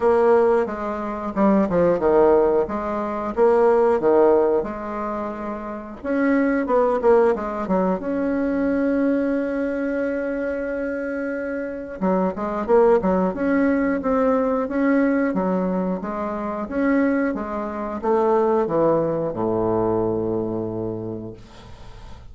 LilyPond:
\new Staff \with { instrumentName = "bassoon" } { \time 4/4 \tempo 4 = 90 ais4 gis4 g8 f8 dis4 | gis4 ais4 dis4 gis4~ | gis4 cis'4 b8 ais8 gis8 fis8 | cis'1~ |
cis'2 fis8 gis8 ais8 fis8 | cis'4 c'4 cis'4 fis4 | gis4 cis'4 gis4 a4 | e4 a,2. | }